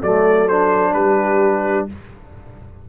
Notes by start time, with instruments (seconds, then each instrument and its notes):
0.00 tuba F#3, trombone A3, horn A4, trumpet D5
0.48 trombone D4, trumpet C5
0.94 tuba G3, horn G4, trumpet B4